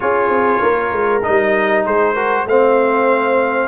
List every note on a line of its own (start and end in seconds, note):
0.00 0.28 C#4
0.00 1.21 F4
0.00 0.62 G#4
0.00 1.22 C#5
0.28 0.59 C4
0.61 0.92 A#3
0.61 1.85 A#4
0.92 1.23 G#3
1.22 1.86 G3
1.22 2.15 D#4
1.22 1.84 D#5
1.85 2.45 G#3
1.85 2.13 G#4
1.85 2.47 C5
2.13 2.46 F#4
2.13 2.44 A#4
2.45 3.68 A3
2.45 3.68 C4
2.45 3.68 C5
2.45 3.68 F5